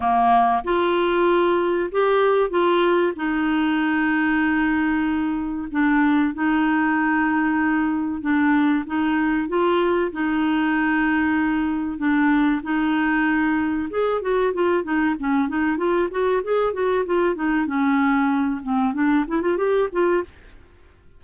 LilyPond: \new Staff \with { instrumentName = "clarinet" } { \time 4/4 \tempo 4 = 95 ais4 f'2 g'4 | f'4 dis'2.~ | dis'4 d'4 dis'2~ | dis'4 d'4 dis'4 f'4 |
dis'2. d'4 | dis'2 gis'8 fis'8 f'8 dis'8 | cis'8 dis'8 f'8 fis'8 gis'8 fis'8 f'8 dis'8 | cis'4. c'8 d'8 e'16 f'16 g'8 f'8 | }